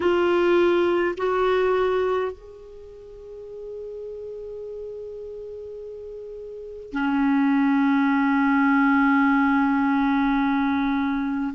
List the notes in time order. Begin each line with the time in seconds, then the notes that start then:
0.00 F4
1.17 F#4
2.32 G#4
6.92 C#4